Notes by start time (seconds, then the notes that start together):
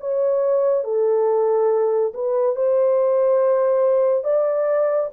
0.00 C#5
0.84 A4
2.14 B4
2.55 C5
4.24 D5